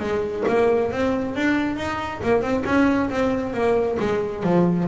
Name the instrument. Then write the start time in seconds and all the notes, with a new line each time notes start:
double bass
0.00 G#3
0.48 A#3
0.92 C4
1.36 D4
1.77 D#4
2.23 A#3
2.42 C4
2.66 C#4
3.10 C4
3.54 A#3
3.99 G#3
4.43 F3